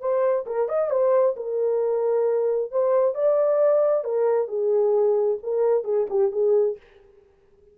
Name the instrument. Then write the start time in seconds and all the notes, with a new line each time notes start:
horn
0.00 C5
0.46 A#4
0.68 D#5
0.90 C5
1.36 A#4
2.71 C5
3.14 D5
4.04 A#4
4.47 G#4
5.43 A#4
5.84 G#4
6.09 G4
6.32 G#4